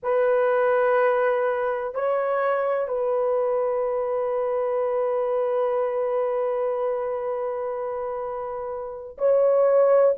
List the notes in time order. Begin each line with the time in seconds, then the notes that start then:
0.02 B4
1.94 C#5
2.88 B4
9.18 C#5